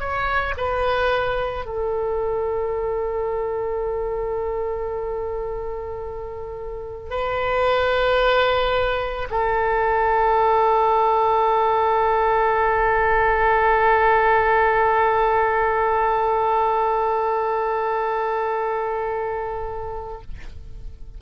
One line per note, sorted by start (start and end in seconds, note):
0.00 0.55 C#5
0.57 1.66 B4
1.66 7.11 A4
7.11 9.29 B4
9.31 20.22 A4